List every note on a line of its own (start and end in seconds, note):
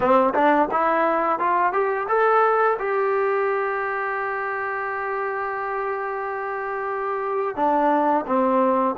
0.00 0.33 C4
0.34 0.68 D4
0.71 1.39 E4
1.39 1.72 F4
1.72 2.07 G4
2.08 2.77 A4
2.78 7.56 G4
7.56 8.25 D4
8.26 8.95 C4